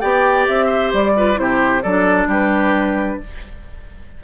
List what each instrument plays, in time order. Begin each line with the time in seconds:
0.00 bassoon B3, clarinet G4, oboe D5, flute G5
0.47 bassoon C4, flute E5
0.66 oboe C5
0.93 bassoon G3, flute D5
1.16 clarinet F4, oboe B4
1.34 bassoon C3, clarinet E4, flute C5
1.41 oboe G4
1.82 bassoon F#3, clarinet D4, oboe A4, flute D5
2.26 bassoon G3, oboe G4, flute B4